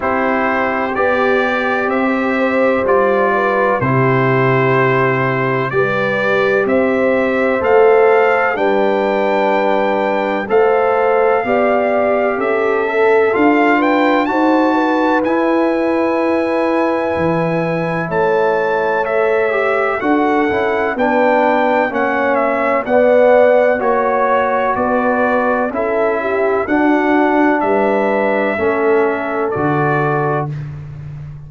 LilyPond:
<<
  \new Staff \with { instrumentName = "trumpet" } { \time 4/4 \tempo 4 = 63 c''4 d''4 e''4 d''4 | c''2 d''4 e''4 | f''4 g''2 f''4~ | f''4 e''4 f''8 g''8 a''4 |
gis''2. a''4 | e''4 fis''4 g''4 fis''8 e''8 | fis''4 cis''4 d''4 e''4 | fis''4 e''2 d''4 | }
  \new Staff \with { instrumentName = "horn" } { \time 4/4 g'2~ g'8 c''4 b'8 | g'2 b'4 c''4~ | c''4 b'2 c''4 | d''4 a'4. b'8 c''8 b'8~ |
b'2. cis''4~ | cis''4 a'4 b'4 cis''4 | d''4 cis''4 b'4 a'8 g'8 | fis'4 b'4 a'2 | }
  \new Staff \with { instrumentName = "trombone" } { \time 4/4 e'4 g'2 f'4 | e'2 g'2 | a'4 d'2 a'4 | g'4. a'8 f'4 fis'4 |
e'1 | a'8 g'8 fis'8 e'8 d'4 cis'4 | b4 fis'2 e'4 | d'2 cis'4 fis'4 | }
  \new Staff \with { instrumentName = "tuba" } { \time 4/4 c'4 b4 c'4 g4 | c2 g4 c'4 | a4 g2 a4 | b4 cis'4 d'4 dis'4 |
e'2 e4 a4~ | a4 d'8 cis'8 b4 ais4 | b4 ais4 b4 cis'4 | d'4 g4 a4 d4 | }
>>